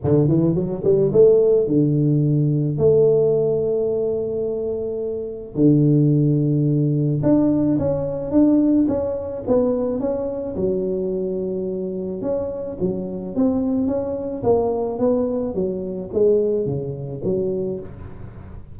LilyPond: \new Staff \with { instrumentName = "tuba" } { \time 4/4 \tempo 4 = 108 d8 e8 fis8 g8 a4 d4~ | d4 a2.~ | a2 d2~ | d4 d'4 cis'4 d'4 |
cis'4 b4 cis'4 fis4~ | fis2 cis'4 fis4 | c'4 cis'4 ais4 b4 | fis4 gis4 cis4 fis4 | }